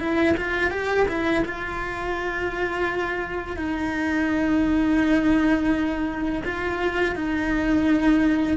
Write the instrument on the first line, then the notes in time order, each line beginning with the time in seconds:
cello
0.00 E4
0.38 F4
0.71 G4
1.09 E4
1.46 F4
3.57 D#4
6.45 F4
7.16 D#4